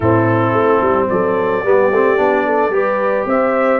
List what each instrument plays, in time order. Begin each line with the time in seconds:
0.00 tuba A2, trombone C4, horn E4, trumpet A4
0.52 tuba A3
0.81 tuba G3
1.09 tuba F#3, horn A4, trumpet D5
1.64 tuba G3, trombone B3, horn G4
1.90 tuba A3, trombone C4
2.17 tuba B3, trombone D4
2.46 horn A4
2.69 tuba G3, trombone G4, horn B4
3.25 tuba C4, horn C5, trumpet E5